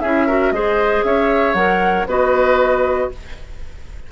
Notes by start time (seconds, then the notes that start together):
0.00 C#4 E4 G#4 E5
0.27 F#4 A#4
0.51 G#3 G#4 C5 D#5
1.04 C#4 C#5 E5
1.54 F#3 A#4 F#5
2.06 B3 F#4 B4 D#5